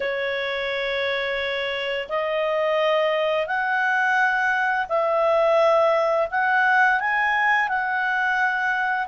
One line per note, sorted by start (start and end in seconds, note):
0.00 2.08 C#5
2.09 3.46 D#5
3.46 4.86 F#5
4.88 6.28 E5
6.30 7.00 F#5
7.00 7.68 G#5
7.68 9.07 F#5